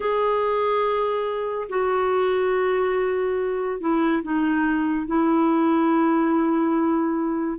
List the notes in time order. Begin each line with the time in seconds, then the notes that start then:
0.00 G#4
1.69 F#4
3.80 E4
4.23 D#4
5.06 E4